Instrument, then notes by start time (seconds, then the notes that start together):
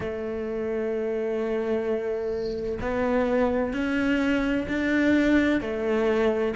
cello
0.00 A3
2.80 B3
3.73 C#4
4.68 D4
5.60 A3